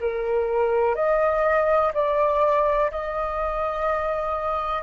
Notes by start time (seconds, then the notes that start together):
0.00 A#4
0.95 D#5
1.94 D5
2.91 D#5